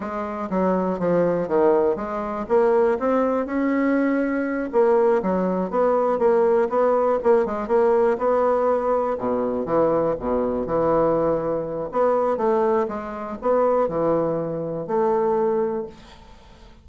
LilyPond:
\new Staff \with { instrumentName = "bassoon" } { \time 4/4 \tempo 4 = 121 gis4 fis4 f4 dis4 | gis4 ais4 c'4 cis'4~ | cis'4. ais4 fis4 b8~ | b8 ais4 b4 ais8 gis8 ais8~ |
ais8 b2 b,4 e8~ | e8 b,4 e2~ e8 | b4 a4 gis4 b4 | e2 a2 | }